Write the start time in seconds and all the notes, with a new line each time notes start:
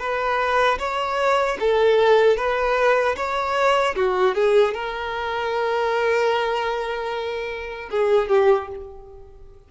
0.00 B4
0.79 C#5
1.60 A4
2.37 B4
3.17 C#5
3.96 F#4
4.35 G#4
4.74 A#4
7.91 G#4
8.29 G4